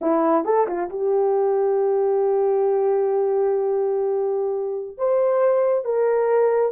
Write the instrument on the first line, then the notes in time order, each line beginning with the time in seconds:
horn
0.01 E4
0.44 A4
0.67 F4
0.89 G4
4.97 C5
5.84 A#4